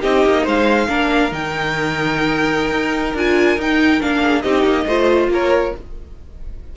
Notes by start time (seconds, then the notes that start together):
0.00 C4 D#4 G4 D#5
0.25 A#3
0.43 G#3 C5 F5
0.88 A#3 D4 A#4
1.30 D#3 D#4 G5
2.71 D#4
3.14 D4 F4 G#5
3.57 D#4 G5
4.00 A#3 D4 F5
4.20 G#4
4.41 C4 D#4 G4 D#5
4.63 A#3
4.85 A3 F4 C5
5.28 A#3 A#4 C#5